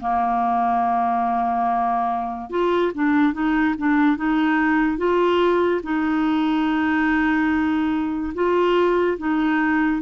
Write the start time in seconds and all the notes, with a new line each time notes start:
0.00 A#3
2.50 F4
2.94 D4
3.33 D#4
3.78 D4
4.17 D#4
4.98 F4
5.83 D#4
8.34 F4
9.18 D#4